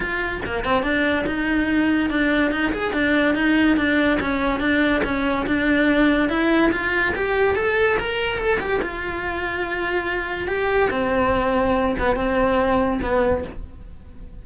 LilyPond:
\new Staff \with { instrumentName = "cello" } { \time 4/4 \tempo 4 = 143 f'4 ais8 c'8 d'4 dis'4~ | dis'4 d'4 dis'8 gis'8 d'4 | dis'4 d'4 cis'4 d'4 | cis'4 d'2 e'4 |
f'4 g'4 a'4 ais'4 | a'8 g'8 f'2.~ | f'4 g'4 c'2~ | c'8 b8 c'2 b4 | }